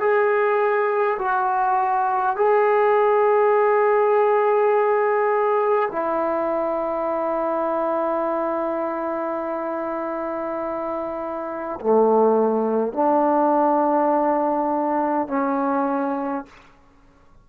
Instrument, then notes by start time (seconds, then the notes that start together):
trombone
0.00 G#4
1.19 F#4
2.36 G#4
5.92 E4
11.81 A3
12.93 D4
15.28 C#4